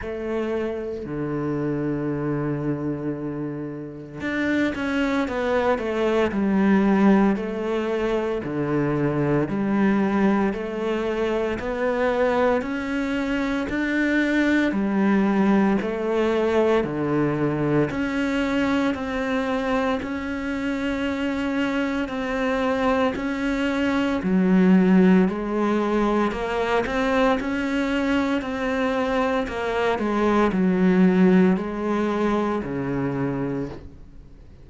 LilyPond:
\new Staff \with { instrumentName = "cello" } { \time 4/4 \tempo 4 = 57 a4 d2. | d'8 cis'8 b8 a8 g4 a4 | d4 g4 a4 b4 | cis'4 d'4 g4 a4 |
d4 cis'4 c'4 cis'4~ | cis'4 c'4 cis'4 fis4 | gis4 ais8 c'8 cis'4 c'4 | ais8 gis8 fis4 gis4 cis4 | }